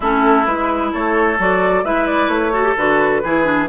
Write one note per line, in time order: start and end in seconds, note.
0.00 0.45 A3
0.00 0.45 C#4
0.00 0.90 E4
0.00 0.46 A4
0.45 0.92 G#3
0.45 1.37 E4
0.45 0.92 B4
0.92 1.38 A3
0.92 1.84 A4
0.92 1.39 C#5
1.38 1.83 F#3
1.38 1.84 F#4
1.38 1.84 D5
1.83 2.28 G#3
1.83 2.52 E4
1.83 2.52 B4
1.83 2.06 E5
2.06 2.28 D5
2.28 2.74 A3
2.28 2.75 C#5
2.52 2.63 F#4
2.52 3.21 A4
2.63 2.75 G4
2.77 3.23 D3
2.77 3.23 F#4
2.77 3.68 B4
3.23 3.68 E3
3.23 3.44 E4
3.23 3.68 G#4
3.44 3.67 D4